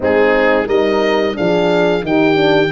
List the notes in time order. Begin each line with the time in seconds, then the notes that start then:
0.00 G#3 C4 D#4 G#4
0.66 G3 D#4 A#4 D#5
1.34 F3 D4 G#4 F5
2.02 D#3 D#4 G4 G5
2.34 D4